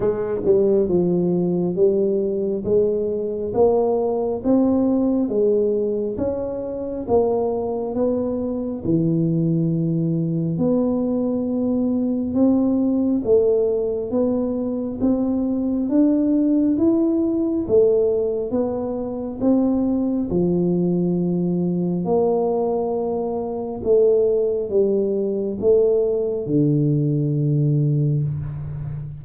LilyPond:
\new Staff \with { instrumentName = "tuba" } { \time 4/4 \tempo 4 = 68 gis8 g8 f4 g4 gis4 | ais4 c'4 gis4 cis'4 | ais4 b4 e2 | b2 c'4 a4 |
b4 c'4 d'4 e'4 | a4 b4 c'4 f4~ | f4 ais2 a4 | g4 a4 d2 | }